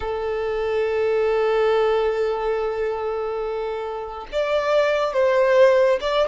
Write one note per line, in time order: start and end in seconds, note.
0.00 4.26 A4
4.32 5.13 D5
5.13 5.99 C5
6.01 6.27 D5